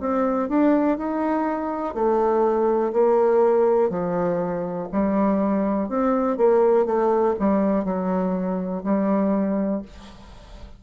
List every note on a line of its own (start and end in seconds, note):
0.00 0.49 C4
0.49 0.97 D4
0.97 1.94 D#4
1.94 2.92 A3
2.93 3.89 A#3
3.89 4.88 F3
4.92 5.88 G3
5.88 6.37 C4
6.37 6.85 A#3
6.85 7.35 A3
7.39 7.84 G3
7.84 8.83 F#3
8.83 9.82 G3